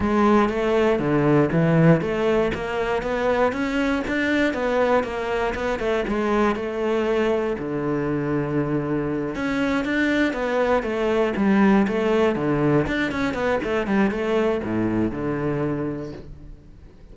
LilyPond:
\new Staff \with { instrumentName = "cello" } { \time 4/4 \tempo 4 = 119 gis4 a4 d4 e4 | a4 ais4 b4 cis'4 | d'4 b4 ais4 b8 a8 | gis4 a2 d4~ |
d2~ d8 cis'4 d'8~ | d'8 b4 a4 g4 a8~ | a8 d4 d'8 cis'8 b8 a8 g8 | a4 a,4 d2 | }